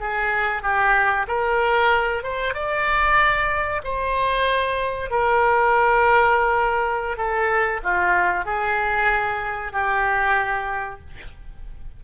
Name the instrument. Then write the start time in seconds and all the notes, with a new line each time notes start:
oboe
0.00 G#4
0.62 G4
1.27 A#4
2.23 C5
2.54 D5
3.84 C5
5.10 A#4
7.17 A4
7.83 F4
8.45 G#4
9.72 G4